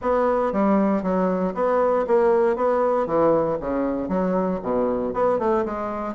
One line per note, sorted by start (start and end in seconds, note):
0.01 0.52 B3
0.52 1.03 G3
1.03 1.54 F#3
1.54 2.05 B3
2.07 2.55 A#3
2.55 3.06 B3
3.06 3.57 E3
3.60 4.08 C#3
4.08 4.59 F#3
4.62 5.13 B2
5.13 5.38 B3
5.38 5.64 A3
5.65 6.14 G#3